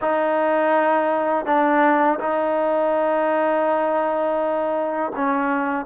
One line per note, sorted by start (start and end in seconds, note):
0.01 1.45 D#4
1.45 2.18 D4
2.19 5.12 D#4
5.16 5.85 C#4